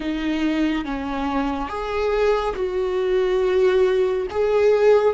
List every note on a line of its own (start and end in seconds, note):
0.00 0.84 D#4
0.84 1.69 C#4
1.69 2.54 G#4
2.55 4.27 F#4
4.30 5.14 G#4